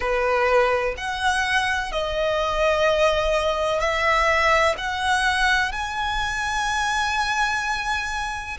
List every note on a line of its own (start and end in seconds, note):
0.00 0.94 B4
0.97 1.92 F#5
1.92 3.80 D#5
3.80 4.75 E5
4.77 5.71 F#5
5.71 8.57 G#5